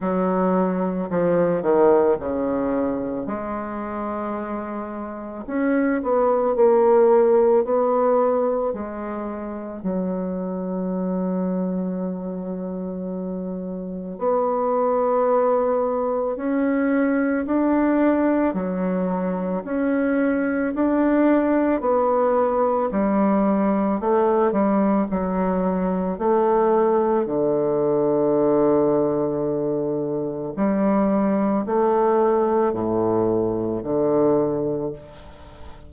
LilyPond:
\new Staff \with { instrumentName = "bassoon" } { \time 4/4 \tempo 4 = 55 fis4 f8 dis8 cis4 gis4~ | gis4 cis'8 b8 ais4 b4 | gis4 fis2.~ | fis4 b2 cis'4 |
d'4 fis4 cis'4 d'4 | b4 g4 a8 g8 fis4 | a4 d2. | g4 a4 a,4 d4 | }